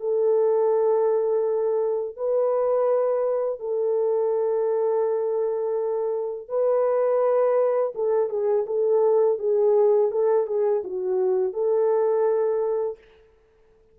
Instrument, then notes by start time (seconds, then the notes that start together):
horn
0.00 A4
2.17 B4
3.60 A4
6.48 B4
7.95 A4
8.30 G#4
8.66 A4
9.39 G#4
10.11 A4
10.47 G#4
10.84 F#4
11.53 A4